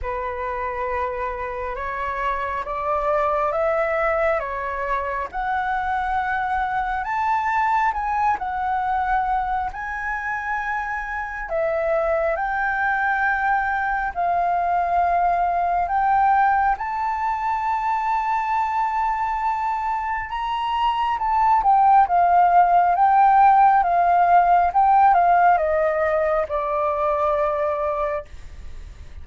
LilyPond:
\new Staff \with { instrumentName = "flute" } { \time 4/4 \tempo 4 = 68 b'2 cis''4 d''4 | e''4 cis''4 fis''2 | a''4 gis''8 fis''4. gis''4~ | gis''4 e''4 g''2 |
f''2 g''4 a''4~ | a''2. ais''4 | a''8 g''8 f''4 g''4 f''4 | g''8 f''8 dis''4 d''2 | }